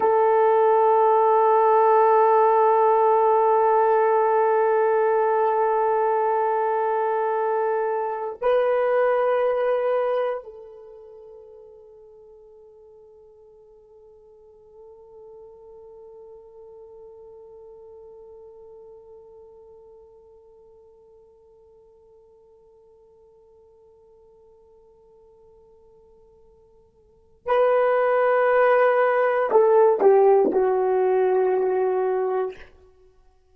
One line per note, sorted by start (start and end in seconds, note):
0.00 8.39 A4
8.41 10.43 B4
10.43 27.46 A4
27.46 29.49 B4
29.51 30.00 A4
30.00 30.51 G4
30.52 32.55 F#4